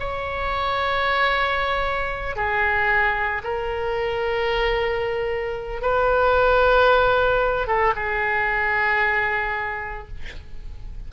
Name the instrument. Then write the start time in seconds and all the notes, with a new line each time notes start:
oboe
0.00 C#5
2.36 G#4
3.44 A#4
5.82 B4
7.67 A4
7.96 G#4